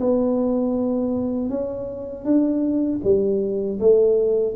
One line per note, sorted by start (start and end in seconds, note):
0.00 1.49 B3
1.49 2.24 C#4
2.24 3.00 D4
3.03 3.79 G3
3.80 4.56 A3